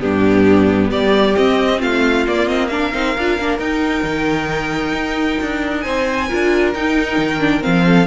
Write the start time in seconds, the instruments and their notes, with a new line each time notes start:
0.00 cello G2, viola B3, violin D4 G4
0.90 cello G3, violin G4 D5
1.36 viola C4, cello C4, violin D#5
1.79 cello A3, violin F4 F5
2.27 viola A#3, cello A#3, violin D5
2.48 viola C4, violin D#5
2.68 viola D4, violin A#4 F5
2.92 cello C4, viola D#4
3.18 cello D4, viola F4
3.38 cello A#3, viola D4
3.59 cello D#4, viola D#4, violin G5
4.03 cello D#3
4.92 cello D#4
5.41 cello D4
5.81 cello C4, violin C5 G#5
6.28 cello D4, viola F4, violin A#4
6.74 cello D#4, viola D#4, violin G5
7.18 cello D#3
7.40 viola D4
7.61 cello F3, viola C4, violin F5
7.86 violin A4